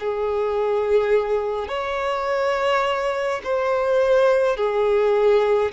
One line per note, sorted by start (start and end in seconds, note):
0.00 1.68 G#4
1.68 3.41 C#5
3.44 4.57 C5
4.57 5.72 G#4